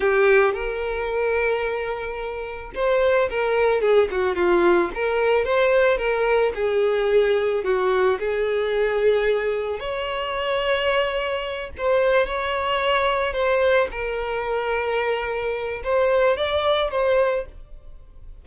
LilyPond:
\new Staff \with { instrumentName = "violin" } { \time 4/4 \tempo 4 = 110 g'4 ais'2.~ | ais'4 c''4 ais'4 gis'8 fis'8 | f'4 ais'4 c''4 ais'4 | gis'2 fis'4 gis'4~ |
gis'2 cis''2~ | cis''4. c''4 cis''4.~ | cis''8 c''4 ais'2~ ais'8~ | ais'4 c''4 d''4 c''4 | }